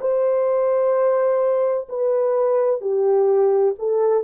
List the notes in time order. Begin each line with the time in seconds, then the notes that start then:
0.00 C5
1.89 B4
2.80 G4
3.78 A4